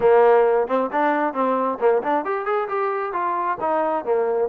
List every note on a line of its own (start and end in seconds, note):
0.00 0.67 A#3
0.67 0.90 C4
0.91 1.33 D4
1.33 1.78 C4
1.80 2.02 A#3
2.03 2.24 D4
2.24 2.45 G4
2.45 2.68 G#4
2.68 3.12 G4
3.12 3.57 F4
3.60 4.04 D#4
4.04 4.48 A#3